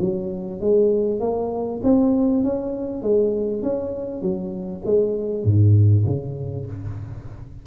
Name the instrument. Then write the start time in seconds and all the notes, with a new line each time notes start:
tuba
0.00 F#3
0.61 G#3
1.20 A#3
1.83 C4
2.44 C#4
3.03 G#3
3.63 C#4
4.22 F#3
4.86 G#3
5.45 G#2
6.06 C#3